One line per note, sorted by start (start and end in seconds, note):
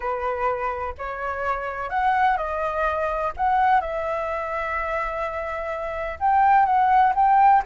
0.00 0.94 B4
0.98 1.89 C#5
1.89 2.37 F#5
2.37 3.32 D#5
3.36 3.80 F#5
3.80 6.18 E5
6.19 6.65 G5
6.65 7.13 F#5
7.15 7.62 G5